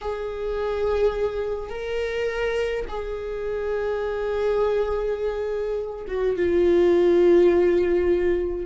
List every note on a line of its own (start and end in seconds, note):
0.01 1.69 G#4
1.69 2.85 A#4
2.88 6.05 G#4
6.07 6.36 F#4
6.36 8.66 F4